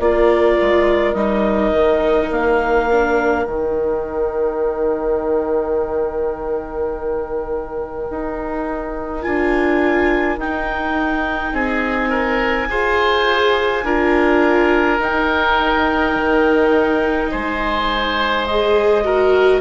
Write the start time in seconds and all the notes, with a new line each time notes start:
0.00 A#3 F4 A#4 D5
0.62 G#3
1.14 G3 D#4 D#5
1.72 D#3
2.31 A#3 F5
2.91 D4
3.45 D#3 D#4 G5
8.10 D#4
9.22 D4 F4 G#5
10.38 D#4 G5
11.53 C4 G#4 G#5
12.10 A#4
12.69 F4 G#4 C5
13.84 D4 F4 A#4
14.99 D#4 G5
16.15 D#3
17.31 G#3 C5 G#5
18.46 G#4 D#5
19.05 F#4 A#4